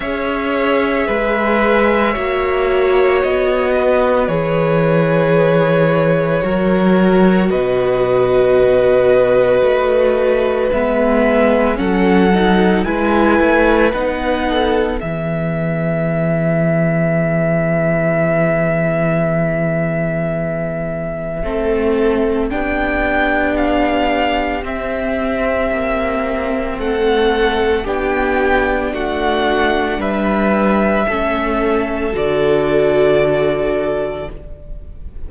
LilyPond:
<<
  \new Staff \with { instrumentName = "violin" } { \time 4/4 \tempo 4 = 56 e''2. dis''4 | cis''2. dis''4~ | dis''2 e''4 fis''4 | gis''4 fis''4 e''2~ |
e''1~ | e''4 g''4 f''4 e''4~ | e''4 fis''4 g''4 fis''4 | e''2 d''2 | }
  \new Staff \with { instrumentName = "violin" } { \time 4/4 cis''4 b'4 cis''4. b'8~ | b'2 ais'4 b'4~ | b'2. a'4 | b'4. a'8 gis'2~ |
gis'1 | a'4 g'2.~ | g'4 a'4 g'4 fis'4 | b'4 a'2. | }
  \new Staff \with { instrumentName = "viola" } { \time 4/4 gis'2 fis'2 | gis'2 fis'2~ | fis'2 b4 cis'8 dis'8 | e'4 dis'4 b2~ |
b1 | c'4 d'2 c'4~ | c'2 d'2~ | d'4 cis'4 fis'2 | }
  \new Staff \with { instrumentName = "cello" } { \time 4/4 cis'4 gis4 ais4 b4 | e2 fis4 b,4~ | b,4 a4 gis4 fis4 | gis8 a8 b4 e2~ |
e1 | a4 b2 c'4 | ais4 a4 b4 a4 | g4 a4 d2 | }
>>